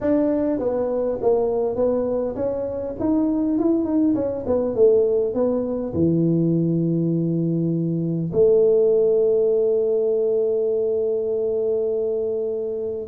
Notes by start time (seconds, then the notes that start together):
0.00 D4
0.59 B3
1.21 A#3
1.75 B3
2.35 C#4
2.99 D#4
3.58 E4
3.84 D#4
4.14 C#4
4.46 B3
4.75 A3
5.33 B3
5.93 E3
8.32 A3